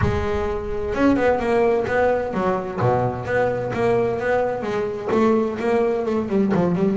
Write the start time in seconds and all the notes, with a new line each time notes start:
0.01 G#3
0.94 C#4
1.16 B3
1.39 A#3
1.87 B3
2.33 F#3
2.80 B2
3.25 B3
3.73 A#3
4.19 B3
4.62 G#3
5.11 A3
5.59 A#3
6.05 A3
6.29 G3
6.54 F3
6.75 G3